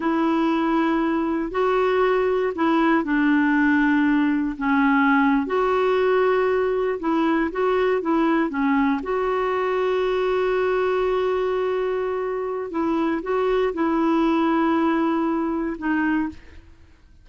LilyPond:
\new Staff \with { instrumentName = "clarinet" } { \time 4/4 \tempo 4 = 118 e'2. fis'4~ | fis'4 e'4 d'2~ | d'4 cis'4.~ cis'16 fis'4~ fis'16~ | fis'4.~ fis'16 e'4 fis'4 e'16~ |
e'8. cis'4 fis'2~ fis'16~ | fis'1~ | fis'4 e'4 fis'4 e'4~ | e'2. dis'4 | }